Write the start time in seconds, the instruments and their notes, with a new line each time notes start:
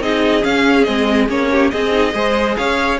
0.00 cello C4, viola D#4, violin G#4 D#5
0.41 viola C#4, cello C#4, violin F5
0.84 cello G#3, viola C4, violin D#5
1.28 cello A#3, viola C#4, violin C#5
1.50 violin G4
1.70 cello C4, viola C4, violin G#4 D#5
1.91 viola D#4
2.13 cello G#3, viola G#4, violin C5
2.56 cello C#4, violin C#5 F5